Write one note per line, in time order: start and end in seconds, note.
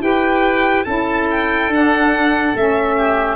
0.00 0.85 E4
0.00 0.85 G4
0.00 0.85 B4
0.00 0.84 G5
0.84 1.68 C#4
0.84 1.71 E4
0.84 2.96 A4
0.84 1.26 A5
1.31 1.73 G5
1.68 2.53 D4
1.68 2.56 D4
1.68 2.57 F#5
2.55 3.36 A3
2.55 3.36 C#4
2.55 3.36 E5
2.97 3.36 G4